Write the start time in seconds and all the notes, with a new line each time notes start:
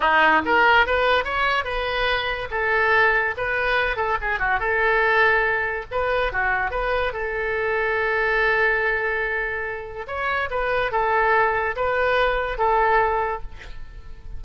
0.00 D#4
0.45 A#4
0.86 B4
1.24 C#5
1.64 B4
2.51 A4
3.37 B4
3.96 A4
4.21 G#4
4.39 F#4
4.59 A4
5.91 B4
6.32 F#4
6.71 B4
7.12 A4
10.07 C#5
10.50 B4
10.91 A4
11.75 B4
12.58 A4